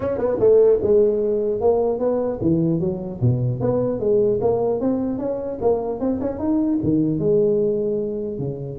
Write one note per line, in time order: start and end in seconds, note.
0.00 0.17 C#4
0.17 0.37 B3
0.39 0.79 A3
0.82 1.61 G#3
1.61 1.99 A#3
1.99 2.39 B3
2.41 2.79 E3
2.79 3.19 F#3
3.21 3.60 B2
3.60 3.99 B3
3.99 4.39 G#3
4.41 4.80 A#3
4.80 5.18 C4
5.18 5.58 C#4
5.61 5.99 A#3
5.99 6.19 C4
6.21 6.38 C#4
6.38 6.78 D#4
6.83 7.19 D#3
7.19 8.38 G#3
8.38 8.78 C#3